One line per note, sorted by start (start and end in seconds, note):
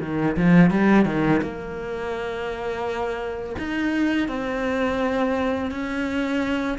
0.00 0.36 D#3
0.36 0.70 F3
0.70 1.05 G3
1.05 1.41 D#3
1.42 3.56 A#3
3.58 4.28 D#4
4.28 5.71 C4
5.71 6.78 C#4